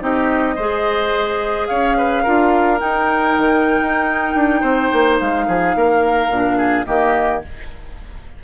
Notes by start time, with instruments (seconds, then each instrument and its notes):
0.00 bassoon C4, clarinet D#4, oboe G4, flute D#5
0.56 bassoon G#3, clarinet G#4, oboe C5
1.68 bassoon C#4, oboe C#5, flute F5
1.98 oboe B4
2.23 bassoon D4, clarinet F4, oboe A#4
2.79 clarinet D#4, bassoon D#4, flute G5
3.38 bassoon D#3
3.81 bassoon D#4
4.35 bassoon D4
4.61 bassoon C4, oboe C5
4.93 bassoon A#3
5.20 bassoon G#3, flute F5
5.48 bassoon F3, oboe G#4
5.76 bassoon A#3, oboe A#4
6.30 bassoon A#2, clarinet D4
6.58 oboe G#4
6.86 bassoon D#3, clarinet A#3, oboe G4, flute D#5